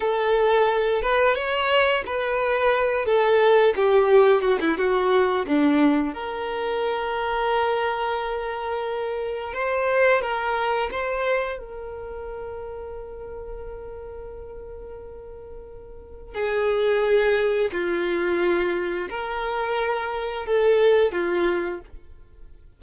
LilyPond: \new Staff \with { instrumentName = "violin" } { \time 4/4 \tempo 4 = 88 a'4. b'8 cis''4 b'4~ | b'8 a'4 g'4 fis'16 e'16 fis'4 | d'4 ais'2.~ | ais'2 c''4 ais'4 |
c''4 ais'2.~ | ais'1 | gis'2 f'2 | ais'2 a'4 f'4 | }